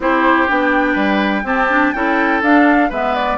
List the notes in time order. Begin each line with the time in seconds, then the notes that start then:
0.00 C4 E4 G4 C5
0.48 B3 D4 G5
0.92 G3 B4
1.43 C4 G4 A5
1.70 D4
1.93 C#4 E4 A4 G5
2.42 D4 F5
2.89 G#3 B3 B4 E5
3.15 D5